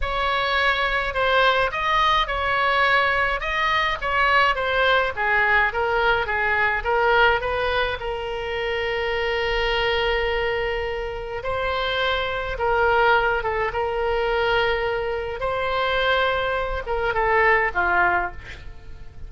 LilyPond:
\new Staff \with { instrumentName = "oboe" } { \time 4/4 \tempo 4 = 105 cis''2 c''4 dis''4 | cis''2 dis''4 cis''4 | c''4 gis'4 ais'4 gis'4 | ais'4 b'4 ais'2~ |
ais'1 | c''2 ais'4. a'8 | ais'2. c''4~ | c''4. ais'8 a'4 f'4 | }